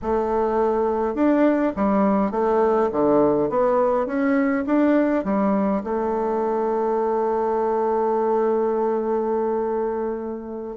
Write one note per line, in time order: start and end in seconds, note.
0.02 1.14 A3
1.14 1.73 D4
1.76 2.31 G3
2.31 2.89 A3
2.92 3.50 D3
3.50 4.06 B3
4.06 4.64 C#4
4.66 5.24 D4
5.24 5.82 G3
5.83 10.76 A3